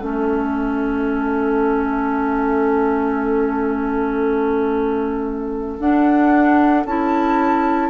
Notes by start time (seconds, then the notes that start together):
0.00 A3 C#4 A4 E5
5.80 D4 F#5
6.86 C#4 E4 A5